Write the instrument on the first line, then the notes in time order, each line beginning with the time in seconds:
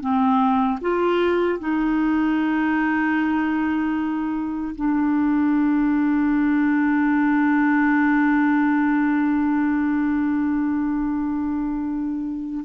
clarinet
0.00 C4
0.81 F4
1.59 D#4
4.75 D4